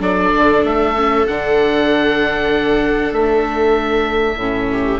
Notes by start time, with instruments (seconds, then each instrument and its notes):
0.00 bassoon F#3, viola D4 A4, oboe D5
0.35 bassoon D3
0.63 bassoon A3, oboe E5
0.95 viola C#4
1.27 bassoon D3, viola D4, oboe F#5
3.12 bassoon A3, oboe E5
4.36 bassoon A2, viola C#4
4.72 viola G4